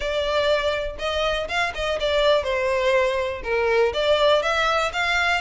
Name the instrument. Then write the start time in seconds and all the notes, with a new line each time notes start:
violin
0.00 D5
0.99 D#5
1.48 F5
1.74 D#5
2.00 D5
2.43 C5
3.43 A#4
3.93 D5
4.42 E5
4.92 F5